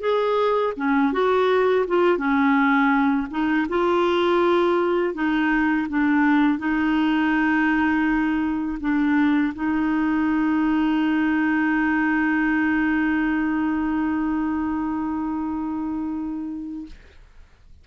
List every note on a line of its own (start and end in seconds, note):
0.00 0.73 G#4
0.76 1.12 C#4
1.12 1.86 F#4
1.87 2.18 F4
2.18 3.27 C#4
3.30 3.67 D#4
3.69 5.14 F4
5.14 5.87 D#4
5.89 6.58 D4
6.58 8.78 D#4
8.80 9.53 D4
9.54 16.86 D#4